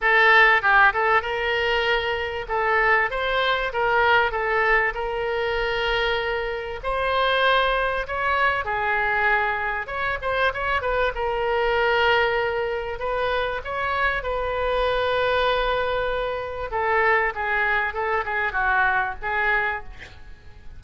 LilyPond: \new Staff \with { instrumentName = "oboe" } { \time 4/4 \tempo 4 = 97 a'4 g'8 a'8 ais'2 | a'4 c''4 ais'4 a'4 | ais'2. c''4~ | c''4 cis''4 gis'2 |
cis''8 c''8 cis''8 b'8 ais'2~ | ais'4 b'4 cis''4 b'4~ | b'2. a'4 | gis'4 a'8 gis'8 fis'4 gis'4 | }